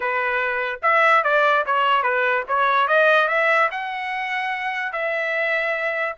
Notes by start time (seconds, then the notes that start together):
0.00 B4
0.82 E5
1.23 D5
1.66 C#5
2.02 B4
2.48 C#5
2.87 D#5
3.28 E5
3.71 F#5
4.92 E5